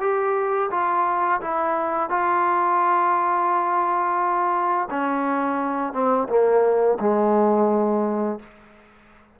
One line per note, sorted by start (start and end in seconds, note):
0.00 0.70 G4
0.70 1.40 F4
1.41 2.10 E4
2.10 4.89 F4
4.90 5.93 C#4
5.93 6.28 C4
6.29 6.98 A#3
7.00 8.39 G#3